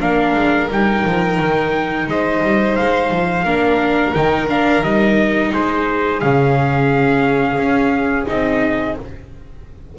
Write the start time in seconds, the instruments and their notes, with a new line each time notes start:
0.00 double bass A#3, viola D4, violin A#4, trumpet F5
0.35 double bass G#3
0.71 double bass G3, viola D#4, trumpet G5
1.05 double bass F3
1.40 double bass D#3
2.08 double bass G#3, violin C5, trumpet D#5
2.43 double bass G3
2.76 double bass G#3, trumpet F5
3.11 double bass F3
3.45 double bass A#3, viola D4, violin A#4
4.14 double bass D#3, viola D#4, trumpet G5
4.49 viola D4, trumpet F5
4.83 double bass G3, viola D#4, trumpet D#5
5.53 double bass G#3, violin G#4, trumpet C5
6.20 double bass C#3, viola C#4, trumpet F5
7.57 double bass C#4
8.26 double bass C4, viola D#4, trumpet D#5